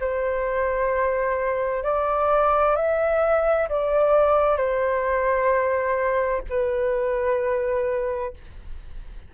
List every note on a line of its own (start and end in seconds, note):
0.00 1.83 C5
1.83 2.76 D5
2.76 3.68 E5
3.69 4.57 D5
4.57 6.42 C5
6.49 8.34 B4